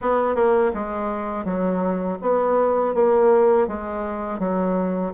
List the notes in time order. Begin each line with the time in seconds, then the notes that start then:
0.01 B3
0.35 A#3
0.74 G#3
1.44 F#3
2.21 B3
2.94 A#3
3.67 G#3
4.39 F#3